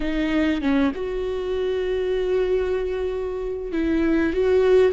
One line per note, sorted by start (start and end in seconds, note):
0.00 0.61 D#4
0.61 0.92 C#4
0.94 3.72 F#4
3.72 4.33 E4
4.33 4.92 F#4